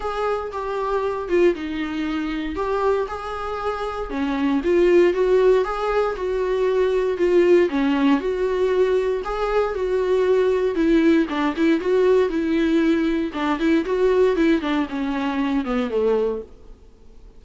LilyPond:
\new Staff \with { instrumentName = "viola" } { \time 4/4 \tempo 4 = 117 gis'4 g'4. f'8 dis'4~ | dis'4 g'4 gis'2 | cis'4 f'4 fis'4 gis'4 | fis'2 f'4 cis'4 |
fis'2 gis'4 fis'4~ | fis'4 e'4 d'8 e'8 fis'4 | e'2 d'8 e'8 fis'4 | e'8 d'8 cis'4. b8 a4 | }